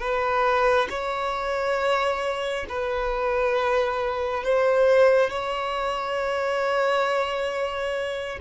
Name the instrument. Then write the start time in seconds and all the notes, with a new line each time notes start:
violin
0.00 B4
0.89 C#5
2.69 B4
4.44 C5
5.30 C#5